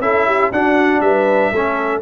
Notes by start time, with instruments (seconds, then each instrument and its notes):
0.00 tuba C#4, trombone E4, horn A4, trumpet E5
0.26 horn G4
0.52 tuba D4, trombone D4, horn F#4, trumpet F#5
1.01 tuba G3, horn B4, trumpet E5
1.52 tuba A3, trombone C#4, horn A4